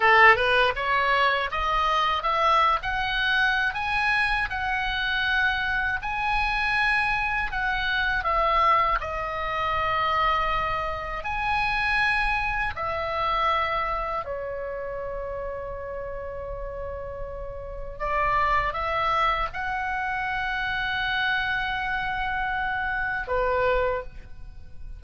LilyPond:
\new Staff \with { instrumentName = "oboe" } { \time 4/4 \tempo 4 = 80 a'8 b'8 cis''4 dis''4 e''8. fis''16~ | fis''4 gis''4 fis''2 | gis''2 fis''4 e''4 | dis''2. gis''4~ |
gis''4 e''2 cis''4~ | cis''1 | d''4 e''4 fis''2~ | fis''2. b'4 | }